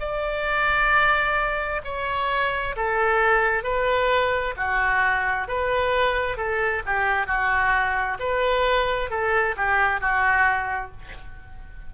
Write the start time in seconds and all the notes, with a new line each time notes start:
0.00 D5
1.85 C#5
2.77 A4
3.64 B4
4.57 F#4
5.48 B4
6.37 A4
6.86 G4
7.27 F#4
8.20 B4
9.11 A4
9.57 G4
10.01 F#4